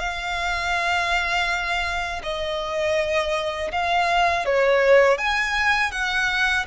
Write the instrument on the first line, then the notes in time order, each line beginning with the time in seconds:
violin
0.00 F5
2.24 D#5
3.72 F5
4.46 C#5
5.18 G#5
5.92 F#5